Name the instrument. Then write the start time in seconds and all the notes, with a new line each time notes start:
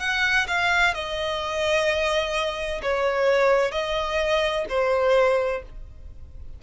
violin
0.00 F#5
0.48 F5
0.94 D#5
2.83 C#5
3.72 D#5
4.69 C5